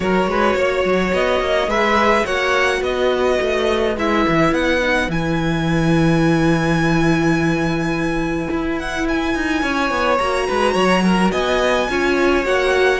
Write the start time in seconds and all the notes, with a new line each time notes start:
0.00 F#3 F#4 A#4 C#5
0.26 G#3 B4
0.56 A#3 C#5
0.84 F#3
1.12 B3 D#5
1.40 A#3
1.67 G#3 G#4 B4 E5
2.25 A#3 F#4 C#5 F#5
2.79 B3 B4 D#5
3.41 A3
3.96 G#3 E4 E5
4.28 E3
4.52 B3 F#5
4.81 D#4
5.08 E3 E4 G#5
8.50 E4
8.79 F#5
9.08 G#5
9.34 D#4
9.62 C#4 C#5
9.90 B3
10.18 A#3 F#4 A#5
10.47 G#3 B4
10.73 F#3 C#5
11.04 A#4
11.31 B3 D#5 G#5
11.89 C#4 F4 C#5
12.45 A#3 F#4 F#5